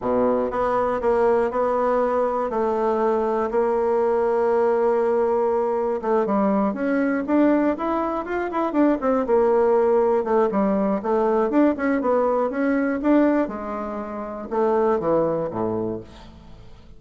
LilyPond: \new Staff \with { instrumentName = "bassoon" } { \time 4/4 \tempo 4 = 120 b,4 b4 ais4 b4~ | b4 a2 ais4~ | ais1 | a8 g4 cis'4 d'4 e'8~ |
e'8 f'8 e'8 d'8 c'8 ais4.~ | ais8 a8 g4 a4 d'8 cis'8 | b4 cis'4 d'4 gis4~ | gis4 a4 e4 a,4 | }